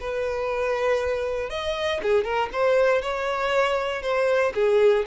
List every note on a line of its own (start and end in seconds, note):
0.00 1.50 B4
1.50 2.01 D#5
2.02 2.24 G#4
2.24 2.49 A#4
2.52 3.02 C5
3.02 4.02 C#5
4.02 4.53 C5
4.55 5.05 G#4